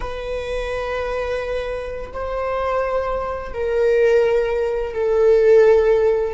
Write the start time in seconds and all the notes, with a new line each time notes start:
0.00 B4
2.13 C5
3.53 A#4
4.93 A4